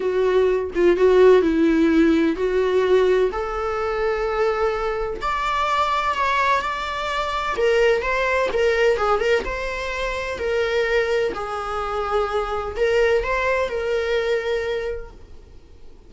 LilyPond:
\new Staff \with { instrumentName = "viola" } { \time 4/4 \tempo 4 = 127 fis'4. f'8 fis'4 e'4~ | e'4 fis'2 a'4~ | a'2. d''4~ | d''4 cis''4 d''2 |
ais'4 c''4 ais'4 gis'8 ais'8 | c''2 ais'2 | gis'2. ais'4 | c''4 ais'2. | }